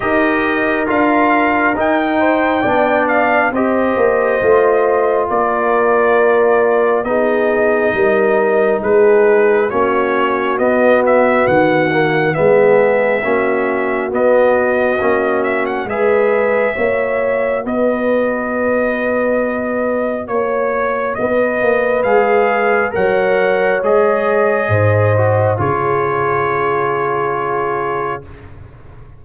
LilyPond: <<
  \new Staff \with { instrumentName = "trumpet" } { \time 4/4 \tempo 4 = 68 dis''4 f''4 g''4. f''8 | dis''2 d''2 | dis''2 b'4 cis''4 | dis''8 e''8 fis''4 e''2 |
dis''4. e''16 fis''16 e''2 | dis''2. cis''4 | dis''4 f''4 fis''4 dis''4~ | dis''4 cis''2. | }
  \new Staff \with { instrumentName = "horn" } { \time 4/4 ais'2~ ais'8 c''8 d''4 | c''2 ais'2 | gis'4 ais'4 gis'4 fis'4~ | fis'2 gis'4 fis'4~ |
fis'2 b'4 cis''4 | b'2. cis''4 | b'2 cis''2 | c''4 gis'2. | }
  \new Staff \with { instrumentName = "trombone" } { \time 4/4 g'4 f'4 dis'4 d'4 | g'4 f'2. | dis'2. cis'4 | b4. ais8 b4 cis'4 |
b4 cis'4 gis'4 fis'4~ | fis'1~ | fis'4 gis'4 ais'4 gis'4~ | gis'8 fis'8 f'2. | }
  \new Staff \with { instrumentName = "tuba" } { \time 4/4 dis'4 d'4 dis'4 b4 | c'8 ais8 a4 ais2 | b4 g4 gis4 ais4 | b4 dis4 gis4 ais4 |
b4 ais4 gis4 ais4 | b2. ais4 | b8 ais8 gis4 fis4 gis4 | gis,4 cis2. | }
>>